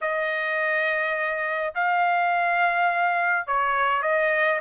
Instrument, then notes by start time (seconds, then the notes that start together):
trumpet
0.01 D#5
1.74 F5
3.46 C#5
4.02 D#5